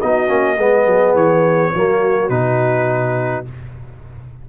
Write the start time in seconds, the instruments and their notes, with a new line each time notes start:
0.00 tuba B3, trombone D#4, horn F#4, trumpet D#5
0.27 tuba A#3, trombone C#4
0.57 tuba G#3, trombone B3, horn G#4
0.86 tuba F#3
1.15 tuba E3, trumpet C#5
1.75 tuba F#3, trombone A#3, horn F#4
2.29 tuba B2, trombone D#4, trumpet B4